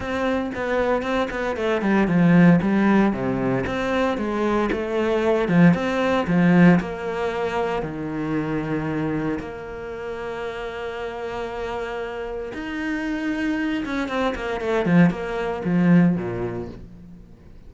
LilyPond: \new Staff \with { instrumentName = "cello" } { \time 4/4 \tempo 4 = 115 c'4 b4 c'8 b8 a8 g8 | f4 g4 c4 c'4 | gis4 a4. f8 c'4 | f4 ais2 dis4~ |
dis2 ais2~ | ais1 | dis'2~ dis'8 cis'8 c'8 ais8 | a8 f8 ais4 f4 ais,4 | }